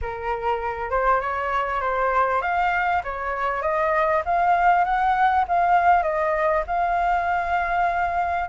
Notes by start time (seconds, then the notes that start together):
0.01 A#4
0.90 C5
1.20 C#5
1.80 C5
2.41 F5
3.03 C#5
3.61 D#5
4.25 F5
4.84 F#5
5.48 F5
6.02 D#5
6.66 F5